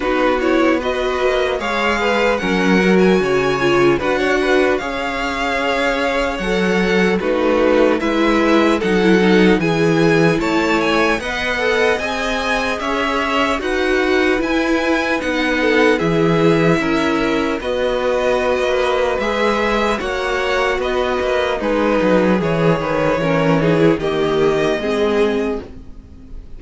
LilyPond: <<
  \new Staff \with { instrumentName = "violin" } { \time 4/4 \tempo 4 = 75 b'8 cis''8 dis''4 f''4 fis''8. gis''16~ | gis''4 fis''4 f''2 | fis''4 b'4 e''4 fis''4 | gis''4 a''8 gis''8 fis''4 gis''4 |
e''4 fis''4 gis''4 fis''4 | e''2 dis''2 | e''4 fis''4 dis''4 b'4 | cis''2 dis''2 | }
  \new Staff \with { instrumentName = "violin" } { \time 4/4 fis'4 b'4 cis''8 b'8 ais'4 | cis''4 b'16 cis''16 b'8 cis''2~ | cis''4 fis'4 b'4 a'4 | gis'4 cis''4 dis''2 |
cis''4 b'2~ b'8 a'8 | gis'4 ais'4 b'2~ | b'4 cis''4 b'4 dis'4 | gis'8 b'8 ais'8 gis'8 g'4 gis'4 | }
  \new Staff \with { instrumentName = "viola" } { \time 4/4 dis'8 e'8 fis'4 gis'4 cis'8 fis'8~ | fis'8 f'8 fis'4 gis'2 | a'4 dis'4 e'4 dis'16 e'16 dis'8 | e'2 b'8 a'8 gis'4~ |
gis'4 fis'4 e'4 dis'4 | e'2 fis'2 | gis'4 fis'2 gis'4~ | gis'4 cis'8 dis'16 e'16 ais4 c'4 | }
  \new Staff \with { instrumentName = "cello" } { \time 4/4 b4. ais8 gis4 fis4 | cis4 d'4 cis'2 | fis4 a4 gis4 fis4 | e4 a4 b4 c'4 |
cis'4 dis'4 e'4 b4 | e4 cis'4 b4~ b16 ais8. | gis4 ais4 b8 ais8 gis8 fis8 | e8 dis8 e4 dis4 gis4 | }
>>